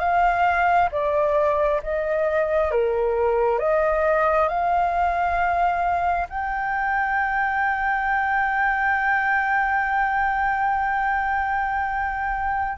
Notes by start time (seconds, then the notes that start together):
0.00 F5
0.92 D5
1.83 D#5
2.72 A#4
3.59 D#5
4.49 F5
6.29 G5